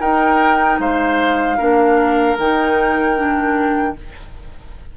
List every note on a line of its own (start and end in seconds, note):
0.00 0.79 D#4
0.00 1.58 D#4
0.00 0.79 A#4
0.00 0.79 G5
0.79 1.58 G#3
0.79 1.57 C5
0.79 2.38 F5
1.57 2.37 A#3
1.57 2.37 D4
1.57 3.94 A#4
2.37 3.95 D#3
2.37 3.16 D#4
2.37 3.97 G5
3.16 3.95 D4